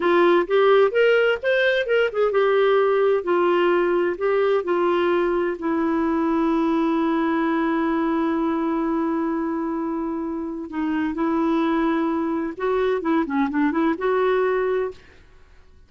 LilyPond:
\new Staff \with { instrumentName = "clarinet" } { \time 4/4 \tempo 4 = 129 f'4 g'4 ais'4 c''4 | ais'8 gis'8 g'2 f'4~ | f'4 g'4 f'2 | e'1~ |
e'1~ | e'2. dis'4 | e'2. fis'4 | e'8 cis'8 d'8 e'8 fis'2 | }